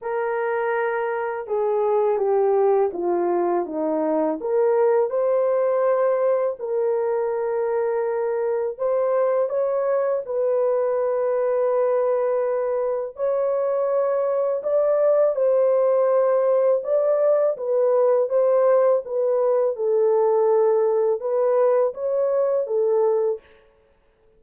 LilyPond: \new Staff \with { instrumentName = "horn" } { \time 4/4 \tempo 4 = 82 ais'2 gis'4 g'4 | f'4 dis'4 ais'4 c''4~ | c''4 ais'2. | c''4 cis''4 b'2~ |
b'2 cis''2 | d''4 c''2 d''4 | b'4 c''4 b'4 a'4~ | a'4 b'4 cis''4 a'4 | }